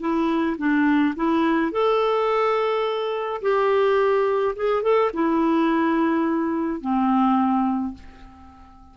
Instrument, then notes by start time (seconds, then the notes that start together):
clarinet
0.00 E4
0.58 D4
1.16 E4
1.72 A4
3.42 G4
4.56 G#4
4.83 A4
5.13 E4
6.81 C4